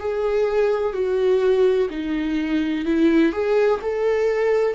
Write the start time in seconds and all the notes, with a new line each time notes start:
0.00 G#4
0.94 F#4
1.90 D#4
2.85 E4
3.32 G#4
3.82 A4